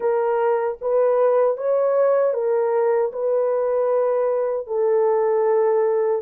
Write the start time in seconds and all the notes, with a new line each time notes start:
0.00 A#4
0.81 B4
1.57 C#5
2.33 A#4
3.12 B4
4.66 A4